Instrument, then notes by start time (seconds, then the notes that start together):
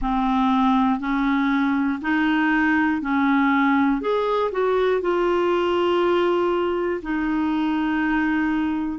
clarinet
0.01 C4
1.00 C#4
2.01 D#4
3.01 C#4
4.00 G#4
4.51 F#4
5.00 F4
7.02 D#4